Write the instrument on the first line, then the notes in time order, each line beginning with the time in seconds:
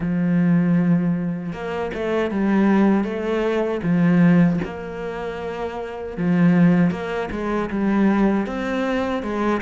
cello
0.00 F3
1.52 A#3
1.93 A3
2.30 G3
3.03 A3
3.82 F3
4.64 A#3
6.17 F3
6.90 A#3
7.31 G#3
7.70 G3
8.46 C4
9.22 G#3